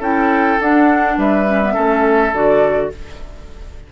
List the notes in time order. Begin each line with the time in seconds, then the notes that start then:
0.00 C#4 E4 A4 G5
0.60 D4 F#5
1.18 G3 B4 E5
1.47 C#4
1.62 B3
1.74 A3 C#4 A4
2.33 D3 F#4 D5